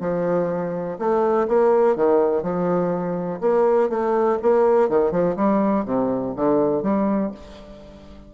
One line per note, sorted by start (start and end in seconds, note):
0.00 0.98 F3
0.98 1.47 A3
1.47 1.96 A#3
1.96 2.42 D#3
2.42 3.40 F3
3.40 3.89 A#3
3.89 4.38 A3
4.42 4.89 A#3
4.89 5.11 D#3
5.11 5.36 F3
5.36 5.85 G3
5.85 6.33 C3
6.36 6.82 D3
6.82 7.31 G3